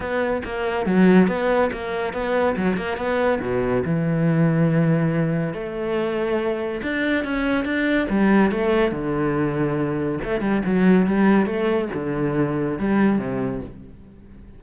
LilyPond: \new Staff \with { instrumentName = "cello" } { \time 4/4 \tempo 4 = 141 b4 ais4 fis4 b4 | ais4 b4 fis8 ais8 b4 | b,4 e2.~ | e4 a2. |
d'4 cis'4 d'4 g4 | a4 d2. | a8 g8 fis4 g4 a4 | d2 g4 c4 | }